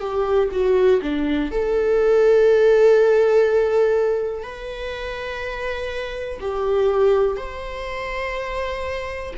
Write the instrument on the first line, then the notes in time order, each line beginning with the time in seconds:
viola
0.00 G4
0.52 F#4
1.02 D4
1.51 A4
4.43 B4
6.41 G4
7.37 C5